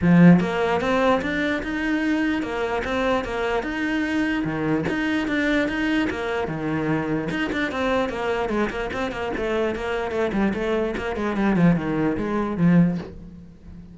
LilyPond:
\new Staff \with { instrumentName = "cello" } { \time 4/4 \tempo 4 = 148 f4 ais4 c'4 d'4 | dis'2 ais4 c'4 | ais4 dis'2 dis4 | dis'4 d'4 dis'4 ais4 |
dis2 dis'8 d'8 c'4 | ais4 gis8 ais8 c'8 ais8 a4 | ais4 a8 g8 a4 ais8 gis8 | g8 f8 dis4 gis4 f4 | }